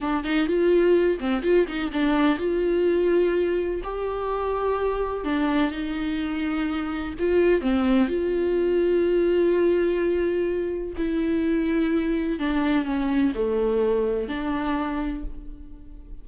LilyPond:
\new Staff \with { instrumentName = "viola" } { \time 4/4 \tempo 4 = 126 d'8 dis'8 f'4. c'8 f'8 dis'8 | d'4 f'2. | g'2. d'4 | dis'2. f'4 |
c'4 f'2.~ | f'2. e'4~ | e'2 d'4 cis'4 | a2 d'2 | }